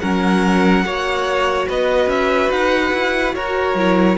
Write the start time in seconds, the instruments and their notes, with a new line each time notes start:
0.00 cello F#3, viola C#4, violin A#4 F#5
0.85 cello A#3, viola F#4, violin C#5
1.69 cello B3, violin B4 D#5
2.07 cello C#4, violin E5
2.51 cello D#4, violin F#5
2.94 cello E4
3.35 cello F#4, violin A#4 C#5
3.75 cello F#3, viola E4